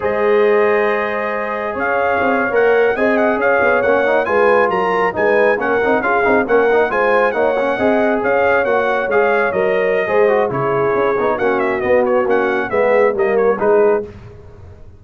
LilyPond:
<<
  \new Staff \with { instrumentName = "trumpet" } { \time 4/4 \tempo 4 = 137 dis''1 | f''4.~ f''16 fis''4 gis''8 fis''8 f''16~ | f''8. fis''4 gis''4 ais''4 gis''16~ | gis''8. fis''4 f''4 fis''4 gis''16~ |
gis''8. fis''2 f''4 fis''16~ | fis''8. f''4 dis''2~ dis''16 | cis''2 fis''8 e''8 dis''8 cis''8 | fis''4 e''4 dis''8 cis''8 b'4 | }
  \new Staff \with { instrumentName = "horn" } { \time 4/4 c''1 | cis''2~ cis''8. dis''4 cis''16~ | cis''4.~ cis''16 b'4 ais'4 b'16~ | b'8. ais'4 gis'4 ais'4 c''16~ |
c''8. cis''4 dis''4 cis''4~ cis''16~ | cis''2. c''4 | gis'2 fis'2~ | fis'4 gis'4 ais'4 gis'4 | }
  \new Staff \with { instrumentName = "trombone" } { \time 4/4 gis'1~ | gis'4.~ gis'16 ais'4 gis'4~ gis'16~ | gis'8. cis'8 dis'8 f'2 dis'16~ | dis'8. cis'8 dis'8 f'8 dis'8 cis'8 dis'8 f'16~ |
f'8. dis'8 cis'8 gis'2 fis'16~ | fis'8. gis'4 ais'4~ ais'16 gis'8 fis'8 | e'4. dis'8 cis'4 b4 | cis'4 b4 ais4 dis'4 | }
  \new Staff \with { instrumentName = "tuba" } { \time 4/4 gis1 | cis'4 c'8. ais4 c'4 cis'16~ | cis'16 b8 ais4 gis4 fis4 gis16~ | gis8. ais8 c'8 cis'8 c'8 ais4 gis16~ |
gis8. ais4 c'4 cis'4 ais16~ | ais8. gis4 fis4~ fis16 gis4 | cis4 cis'8 b8 ais4 b4 | ais4 gis4 g4 gis4 | }
>>